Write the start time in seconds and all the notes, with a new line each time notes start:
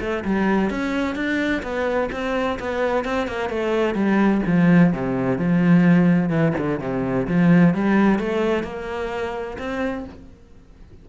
0.00 A3
0.24 G3
0.70 C#4
1.15 D4
1.62 B3
2.12 C4
2.59 B3
3.04 C4
3.27 A#3
3.49 A3
3.94 G3
4.46 F3
4.93 C3
5.38 F3
6.29 E3
6.58 D3
6.80 C3
7.27 F3
7.74 G3
8.19 A3
8.63 A#3
9.58 C4